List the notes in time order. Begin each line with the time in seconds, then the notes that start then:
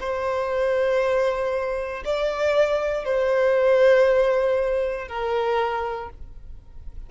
0.00 C5
2.05 D5
3.05 C5
5.08 A#4